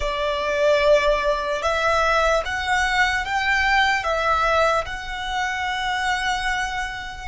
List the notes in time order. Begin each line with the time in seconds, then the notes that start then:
0.00 D5
1.62 E5
2.45 F#5
3.25 G5
4.03 E5
4.85 F#5